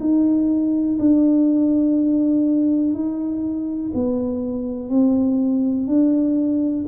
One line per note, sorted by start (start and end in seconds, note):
0.00 0.98 D#4
0.99 2.93 D4
2.93 3.92 D#4
3.94 4.90 B3
4.90 5.87 C4
5.87 6.86 D4